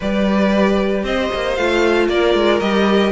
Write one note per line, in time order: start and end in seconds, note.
0.00 1.03 G3
0.00 1.57 G4
0.00 1.04 B4
0.00 1.05 D5
1.03 1.29 C4
1.03 2.08 C5
1.03 1.55 D#5
1.34 1.57 A#3
1.55 2.08 A3
1.55 2.61 F4
1.55 2.07 F5
2.08 2.34 A#3
2.08 3.12 A#4
2.08 2.60 D5
2.34 2.60 G#3
2.60 3.12 G3
2.60 3.12 G4
2.60 3.12 D#5